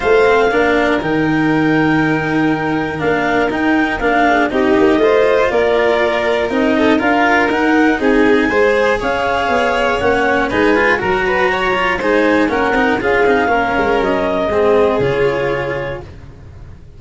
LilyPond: <<
  \new Staff \with { instrumentName = "clarinet" } { \time 4/4 \tempo 4 = 120 f''2 g''2~ | g''2 f''4 g''4 | f''4 dis''2 d''4~ | d''4 dis''4 f''4 fis''4 |
gis''2 f''2 | fis''4 gis''4 ais''2 | gis''4 fis''4 f''2 | dis''2 cis''2 | }
  \new Staff \with { instrumentName = "violin" } { \time 4/4 c''4 ais'2.~ | ais'1~ | ais'8 gis'8 g'4 c''4 ais'4~ | ais'4. a'8 ais'2 |
gis'4 c''4 cis''2~ | cis''4 b'4 ais'8 b'8 cis''4 | c''4 ais'4 gis'4 ais'4~ | ais'4 gis'2. | }
  \new Staff \with { instrumentName = "cello" } { \time 4/4 f'8 c'8 d'4 dis'2~ | dis'2 d'4 dis'4 | d'4 dis'4 f'2~ | f'4 dis'4 f'4 dis'4~ |
dis'4 gis'2. | cis'4 dis'8 f'8 fis'4. f'8 | dis'4 cis'8 dis'8 f'8 dis'8 cis'4~ | cis'4 c'4 f'2 | }
  \new Staff \with { instrumentName = "tuba" } { \time 4/4 a4 ais4 dis2~ | dis2 ais4 dis'4 | ais4 c'8 ais8 a4 ais4~ | ais4 c'4 d'4 dis'4 |
c'4 gis4 cis'4 b4 | ais4 gis4 fis2 | gis4 ais8 c'8 cis'8 c'8 ais8 gis8 | fis4 gis4 cis2 | }
>>